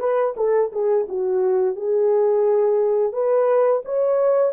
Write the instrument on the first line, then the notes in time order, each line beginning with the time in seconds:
horn
0.00 B4
0.37 A4
0.73 G#4
1.09 F#4
1.76 G#4
3.13 B4
3.85 C#5